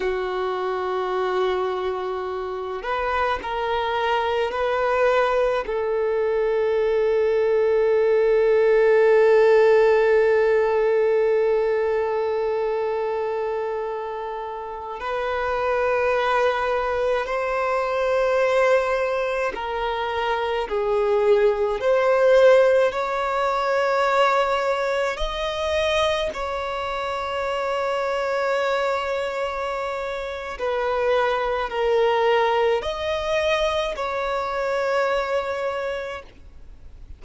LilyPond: \new Staff \with { instrumentName = "violin" } { \time 4/4 \tempo 4 = 53 fis'2~ fis'8 b'8 ais'4 | b'4 a'2.~ | a'1~ | a'4~ a'16 b'2 c''8.~ |
c''4~ c''16 ais'4 gis'4 c''8.~ | c''16 cis''2 dis''4 cis''8.~ | cis''2. b'4 | ais'4 dis''4 cis''2 | }